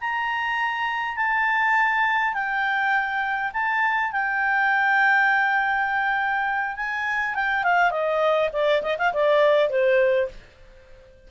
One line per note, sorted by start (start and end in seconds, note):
0.00 1.16 A#5
1.16 2.33 A5
2.33 3.51 G5
3.53 4.12 A5
4.12 6.76 G5
6.76 7.34 G#5
7.34 7.63 G5
7.63 7.90 F5
7.90 8.49 D#5
8.52 8.82 D5
8.82 8.97 D#5
8.98 9.12 F5
9.13 9.69 D5
9.69 10.28 C5